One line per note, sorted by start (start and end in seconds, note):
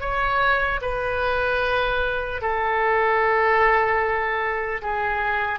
0.00 0.80 C#5
0.81 2.41 B4
2.41 4.81 A4
4.81 5.59 G#4